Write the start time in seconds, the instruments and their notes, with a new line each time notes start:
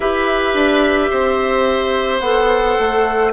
0.00 bassoon E4, clarinet G4, oboe B4, flute E5
0.53 bassoon D4
1.10 bassoon C4, oboe C5
2.20 bassoon B3, clarinet A4, flute F#5
2.79 bassoon A3